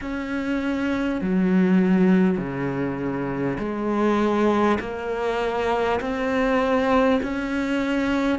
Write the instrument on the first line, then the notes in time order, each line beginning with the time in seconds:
cello
0.01 C#4
1.21 F#3
2.37 C#3
3.58 G#3
4.80 A#3
6.00 C4
7.22 C#4